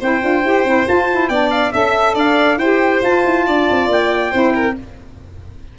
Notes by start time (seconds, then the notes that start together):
0.00 C4 E4 C5 G5
0.21 D4 F4
0.44 E4 G4
0.64 C4 E4
0.87 F4 A5
1.11 E4
1.28 B3 D4 D5 G5
1.51 F5
1.72 C#4 A4 E5
2.15 D4 D5 F5
2.58 E4 G4 C5 G5
3.02 F4 A5
3.26 E4
3.46 D4 D5
3.71 C4
3.89 A#3 G5
4.31 C4 E4 C5
4.55 A#4